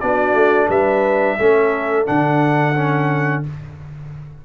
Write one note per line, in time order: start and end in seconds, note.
0.00 0.34 B3
0.00 1.38 D4
0.00 0.67 F#4
0.00 0.68 D5
0.34 0.68 A3
0.67 1.37 G3
0.67 1.36 B4
0.67 2.06 E5
1.37 2.07 A3
1.37 2.06 C#4
1.37 3.41 A4
2.06 3.45 D3
2.06 2.74 D4
2.06 3.43 F#5
2.75 3.43 C#4